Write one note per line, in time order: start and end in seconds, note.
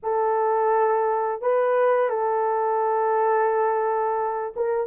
0.03 1.41 A4
1.41 2.09 B4
2.09 4.53 A4
4.55 4.86 A#4